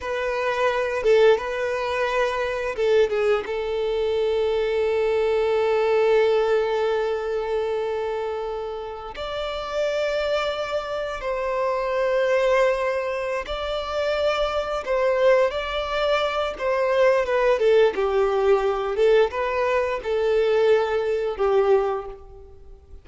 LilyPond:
\new Staff \with { instrumentName = "violin" } { \time 4/4 \tempo 4 = 87 b'4. a'8 b'2 | a'8 gis'8 a'2.~ | a'1~ | a'4~ a'16 d''2~ d''8.~ |
d''16 c''2.~ c''16 d''8~ | d''4. c''4 d''4. | c''4 b'8 a'8 g'4. a'8 | b'4 a'2 g'4 | }